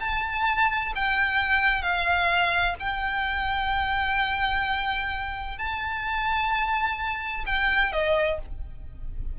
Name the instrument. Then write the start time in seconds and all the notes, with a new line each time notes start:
violin
0.00 A5
0.96 G5
1.82 F5
2.80 G5
5.58 A5
7.46 G5
7.93 D#5